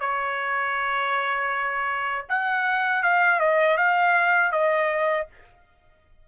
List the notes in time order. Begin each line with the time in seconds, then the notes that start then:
0.00 C#5
2.29 F#5
3.03 F5
3.40 D#5
3.77 F5
4.52 D#5